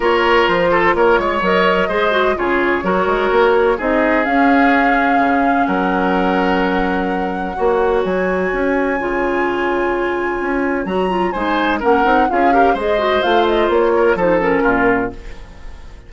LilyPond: <<
  \new Staff \with { instrumentName = "flute" } { \time 4/4 \tempo 4 = 127 cis''4 c''4 cis''4 dis''4~ | dis''4 cis''2. | dis''4 f''2. | fis''1~ |
fis''4 gis''2.~ | gis''2. ais''4 | gis''4 fis''4 f''4 dis''4 | f''8 dis''8 cis''4 c''8 ais'4. | }
  \new Staff \with { instrumentName = "oboe" } { \time 4/4 ais'4. a'8 ais'8 cis''4. | c''4 gis'4 ais'2 | gis'1 | ais'1 |
cis''1~ | cis''1 | c''4 ais'4 gis'8 ais'8 c''4~ | c''4. ais'8 a'4 f'4 | }
  \new Staff \with { instrumentName = "clarinet" } { \time 4/4 f'2. ais'4 | gis'8 fis'8 f'4 fis'2 | dis'4 cis'2.~ | cis'1 |
fis'2. f'4~ | f'2. fis'8 f'8 | dis'4 cis'8 dis'8 f'8 g'8 gis'8 fis'8 | f'2 dis'8 cis'4. | }
  \new Staff \with { instrumentName = "bassoon" } { \time 4/4 ais4 f4 ais8 gis8 fis4 | gis4 cis4 fis8 gis8 ais4 | c'4 cis'2 cis4 | fis1 |
ais4 fis4 cis'4 cis4~ | cis2 cis'4 fis4 | gis4 ais8 c'8 cis'4 gis4 | a4 ais4 f4 ais,4 | }
>>